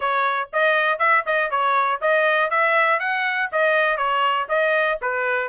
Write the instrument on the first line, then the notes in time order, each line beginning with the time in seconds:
trumpet
0.00 C#5
0.53 D#5
0.98 E5
1.25 D#5
1.50 C#5
2.01 D#5
2.50 E5
2.99 F#5
3.52 D#5
3.97 C#5
4.49 D#5
5.01 B4